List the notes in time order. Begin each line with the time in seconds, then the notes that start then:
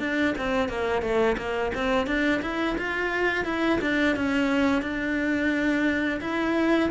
0.00 D4
0.38 C4
0.69 A#3
1.02 A3
1.38 A#3
1.75 C4
2.07 D4
2.42 E4
2.78 F4
3.45 E4
3.82 D4
4.16 C#4
4.82 D4
6.21 E4